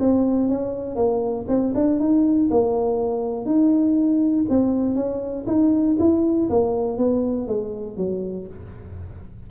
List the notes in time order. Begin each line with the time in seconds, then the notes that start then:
0.00 C4
0.49 C#4
0.96 A#3
1.49 C4
1.75 D4
2.00 D#4
2.51 A#3
3.46 D#4
4.50 C4
4.96 C#4
5.47 D#4
6.00 E4
6.50 A#3
6.98 B3
7.48 G#3
7.97 F#3